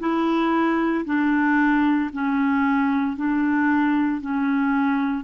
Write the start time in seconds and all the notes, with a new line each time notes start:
0.00 E4
1.05 D4
2.13 C#4
3.16 D4
4.21 C#4